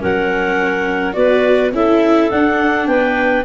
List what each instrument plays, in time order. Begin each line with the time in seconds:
0.00 tuba F#3, viola C#4, clarinet A#4 F#5
1.13 tuba B3, viola F#4, clarinet B4 D5
1.72 tuba C#4, viola E4, clarinet A4 E5
2.31 viola D4, tuba D4, clarinet F#5
2.87 tuba B3, clarinet B4 G5